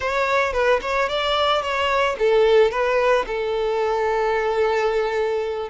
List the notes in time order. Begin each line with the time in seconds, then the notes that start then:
0.00 C#5
0.53 B4
0.81 C#5
1.08 D5
1.61 C#5
2.19 A4
2.71 B4
3.26 A4